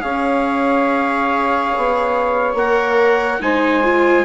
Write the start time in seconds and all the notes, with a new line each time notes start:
0.00 C#4 G#4 C#5 F5
1.77 B3
2.54 A#3 A#4 F#5
3.40 G#3 D#4 C5 G#5
3.84 F4